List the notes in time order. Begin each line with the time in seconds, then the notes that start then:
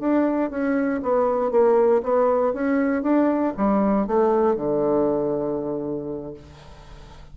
0.00 D4
0.50 C#4
1.03 B3
1.51 A#3
2.03 B3
2.54 C#4
3.03 D4
3.58 G3
4.07 A3
4.56 D3